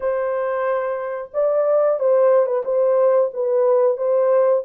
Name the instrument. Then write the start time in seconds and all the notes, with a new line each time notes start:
horn
0.00 C5
1.33 D5
1.99 C5
2.46 B4
2.65 C5
3.33 B4
3.97 C5